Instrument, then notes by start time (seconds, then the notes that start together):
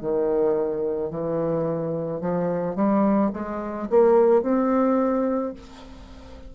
bassoon
0.00 D#3
1.10 E3
2.20 F3
2.75 G3
3.32 G#3
3.89 A#3
4.42 C4